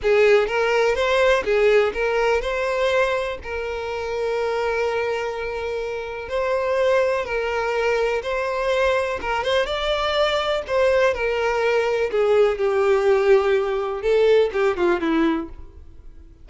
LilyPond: \new Staff \with { instrumentName = "violin" } { \time 4/4 \tempo 4 = 124 gis'4 ais'4 c''4 gis'4 | ais'4 c''2 ais'4~ | ais'1~ | ais'4 c''2 ais'4~ |
ais'4 c''2 ais'8 c''8 | d''2 c''4 ais'4~ | ais'4 gis'4 g'2~ | g'4 a'4 g'8 f'8 e'4 | }